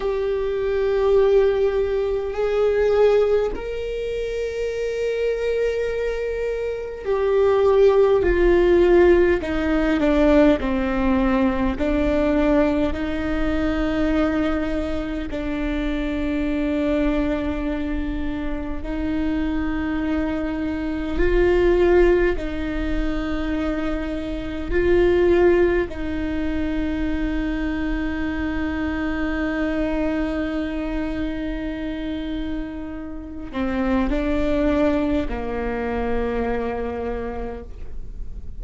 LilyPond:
\new Staff \with { instrumentName = "viola" } { \time 4/4 \tempo 4 = 51 g'2 gis'4 ais'4~ | ais'2 g'4 f'4 | dis'8 d'8 c'4 d'4 dis'4~ | dis'4 d'2. |
dis'2 f'4 dis'4~ | dis'4 f'4 dis'2~ | dis'1~ | dis'8 c'8 d'4 ais2 | }